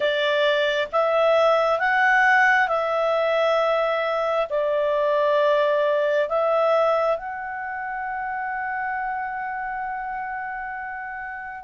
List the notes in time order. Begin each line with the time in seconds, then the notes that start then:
0.00 D5
0.92 E5
1.79 F#5
2.68 E5
4.49 D5
6.28 E5
7.17 F#5